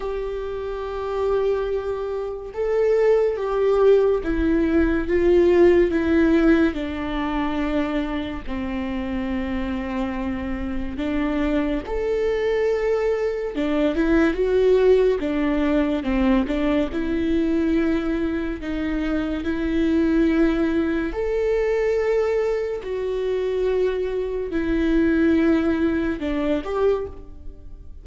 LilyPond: \new Staff \with { instrumentName = "viola" } { \time 4/4 \tempo 4 = 71 g'2. a'4 | g'4 e'4 f'4 e'4 | d'2 c'2~ | c'4 d'4 a'2 |
d'8 e'8 fis'4 d'4 c'8 d'8 | e'2 dis'4 e'4~ | e'4 a'2 fis'4~ | fis'4 e'2 d'8 g'8 | }